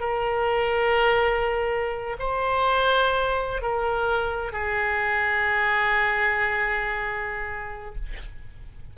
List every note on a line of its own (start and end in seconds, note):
0.00 2.17 A#4
2.19 3.62 C5
3.62 4.52 A#4
4.52 7.96 G#4